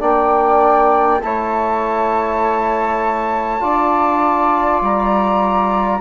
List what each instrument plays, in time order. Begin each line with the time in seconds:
0.00 bassoon A#3, trombone D4, flute D5 G5
1.21 bassoon A3, trombone E4, flute C#5 A5
3.60 bassoon D4, trombone F4, flute D5
4.81 bassoon G3, flute A#5